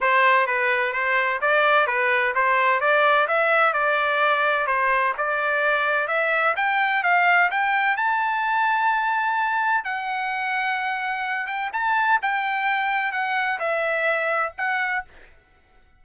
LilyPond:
\new Staff \with { instrumentName = "trumpet" } { \time 4/4 \tempo 4 = 128 c''4 b'4 c''4 d''4 | b'4 c''4 d''4 e''4 | d''2 c''4 d''4~ | d''4 e''4 g''4 f''4 |
g''4 a''2.~ | a''4 fis''2.~ | fis''8 g''8 a''4 g''2 | fis''4 e''2 fis''4 | }